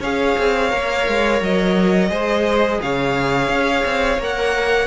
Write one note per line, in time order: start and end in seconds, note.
0.00 0.35 C#4
0.00 0.70 G#4
0.00 2.09 C#5
0.00 1.42 F5
0.38 0.72 C4
0.70 1.07 A#3
0.70 2.09 A#4
1.08 1.41 G#3
1.41 2.10 F#3
1.41 2.81 D#5
2.09 2.79 G#3
2.09 4.18 G#4
2.09 2.80 C5
2.81 3.48 C#3
2.81 4.87 C#5
2.81 4.21 F5
3.48 3.83 C#4
3.85 4.18 C4
4.18 4.87 A#3
4.18 4.87 A#4
4.18 4.87 F#5